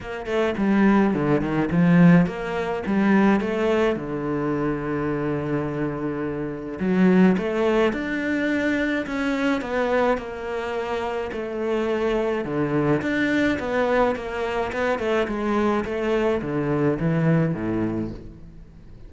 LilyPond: \new Staff \with { instrumentName = "cello" } { \time 4/4 \tempo 4 = 106 ais8 a8 g4 d8 dis8 f4 | ais4 g4 a4 d4~ | d1 | fis4 a4 d'2 |
cis'4 b4 ais2 | a2 d4 d'4 | b4 ais4 b8 a8 gis4 | a4 d4 e4 a,4 | }